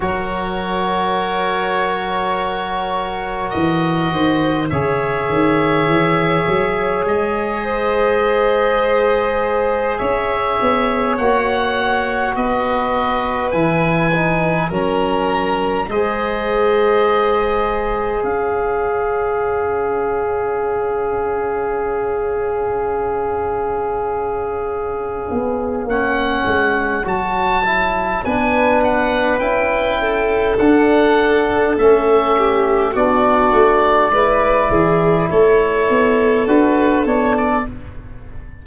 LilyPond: <<
  \new Staff \with { instrumentName = "oboe" } { \time 4/4 \tempo 4 = 51 cis''2. dis''4 | e''2 dis''2~ | dis''8 e''4 fis''4 dis''4 gis''8~ | gis''8 ais''4 dis''2 f''8~ |
f''1~ | f''2 fis''4 a''4 | gis''8 fis''8 g''4 fis''4 e''4 | d''2 cis''4 b'8 cis''16 d''16 | }
  \new Staff \with { instrumentName = "violin" } { \time 4/4 ais'2.~ ais'8 c''8 | cis''2~ cis''8 c''4.~ | c''8 cis''2 b'4.~ | b'8 ais'4 c''2 cis''8~ |
cis''1~ | cis''1 | b'4. a'2 g'8 | fis'4 b'8 gis'8 a'2 | }
  \new Staff \with { instrumentName = "trombone" } { \time 4/4 fis'1 | gis'1~ | gis'4. fis'2 e'8 | dis'8 cis'4 gis'2~ gis'8~ |
gis'1~ | gis'2 cis'4 fis'8 e'8 | d'4 e'4 d'4 cis'4 | d'4 e'2 fis'8 d'8 | }
  \new Staff \with { instrumentName = "tuba" } { \time 4/4 fis2. e8 dis8 | cis8 dis8 e8 fis8 gis2~ | gis8 cis'8 b8 ais4 b4 e8~ | e8 fis4 gis2 cis'8~ |
cis'1~ | cis'4. b8 ais8 gis8 fis4 | b4 cis'4 d'4 a4 | b8 a8 gis8 e8 a8 b8 d'8 b8 | }
>>